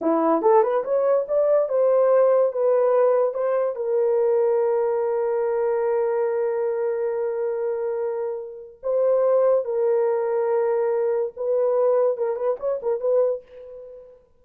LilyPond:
\new Staff \with { instrumentName = "horn" } { \time 4/4 \tempo 4 = 143 e'4 a'8 b'8 cis''4 d''4 | c''2 b'2 | c''4 ais'2.~ | ais'1~ |
ais'1~ | ais'4 c''2 ais'4~ | ais'2. b'4~ | b'4 ais'8 b'8 cis''8 ais'8 b'4 | }